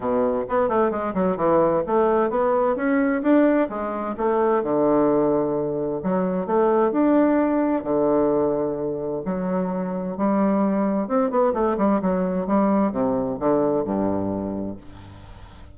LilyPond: \new Staff \with { instrumentName = "bassoon" } { \time 4/4 \tempo 4 = 130 b,4 b8 a8 gis8 fis8 e4 | a4 b4 cis'4 d'4 | gis4 a4 d2~ | d4 fis4 a4 d'4~ |
d'4 d2. | fis2 g2 | c'8 b8 a8 g8 fis4 g4 | c4 d4 g,2 | }